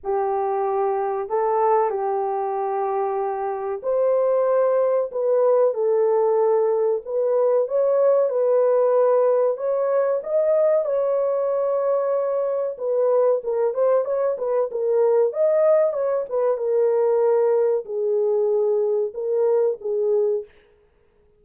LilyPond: \new Staff \with { instrumentName = "horn" } { \time 4/4 \tempo 4 = 94 g'2 a'4 g'4~ | g'2 c''2 | b'4 a'2 b'4 | cis''4 b'2 cis''4 |
dis''4 cis''2. | b'4 ais'8 c''8 cis''8 b'8 ais'4 | dis''4 cis''8 b'8 ais'2 | gis'2 ais'4 gis'4 | }